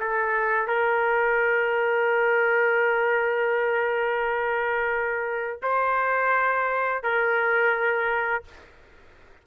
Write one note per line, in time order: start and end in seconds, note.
0.00 0.68 A4
0.68 5.62 A#4
5.62 7.03 C5
7.03 8.44 A#4